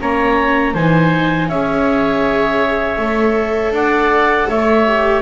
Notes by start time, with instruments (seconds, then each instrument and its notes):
0.00 double bass A#3, viola C#4, oboe C#5, clarinet A#5
0.74 double bass E3, viola D#4, oboe C5, clarinet G#5
1.48 double bass C#4, viola G#4, oboe C#5, clarinet E5
2.97 double bass A3, viola A4
3.71 double bass D4, oboe D5, clarinet F#5
4.49 double bass A3, oboe C#5, clarinet E5
4.87 viola G4